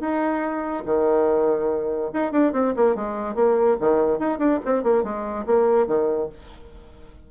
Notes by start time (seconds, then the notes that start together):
0.00 D#4
0.85 D#3
2.13 D#4
2.32 D4
2.53 C4
2.76 A#3
2.95 G#3
3.35 A#3
3.80 D#3
4.19 D#4
4.38 D4
4.65 C4
4.83 A#3
5.03 G#3
5.46 A#3
5.87 D#3